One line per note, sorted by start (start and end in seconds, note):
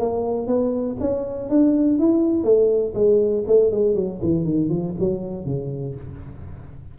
0.00 0.48 A#3
0.48 0.97 B3
1.01 1.50 C#4
1.50 1.99 D4
1.99 2.44 E4
2.44 2.94 A3
2.95 3.44 G#3
3.47 3.72 A3
3.72 3.95 G#3
3.95 4.20 F#3
4.22 4.45 E3
4.45 4.70 D#3
4.70 4.95 F3
5.00 5.46 F#3
5.46 5.95 C#3